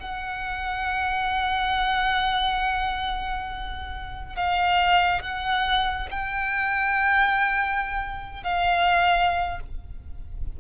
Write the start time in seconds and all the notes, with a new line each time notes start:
0.00 F#5
4.36 F5
5.22 F#5
6.11 G5
8.43 F5